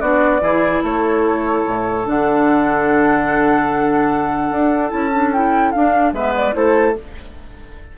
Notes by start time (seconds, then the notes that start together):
0.00 B3 D4 F#4 D5
0.41 E3 E4 G#4
0.83 A3 A4 C#5
1.67 A2
2.04 D3 D4 F#5
4.51 D4
4.89 C#4 E4 A5
5.14 D4
5.32 E4 G5
5.71 D4 F5
6.13 G#3 B3 B4 E5
6.35 D5
6.53 A3 E4 A4 C5